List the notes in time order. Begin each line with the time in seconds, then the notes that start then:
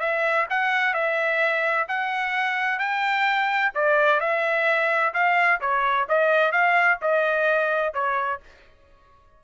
0.00 E5
0.50 F#5
0.94 E5
1.88 F#5
2.79 G5
3.74 D5
4.20 E5
5.14 F5
5.61 C#5
6.08 D#5
6.52 F5
7.01 D#5
7.94 C#5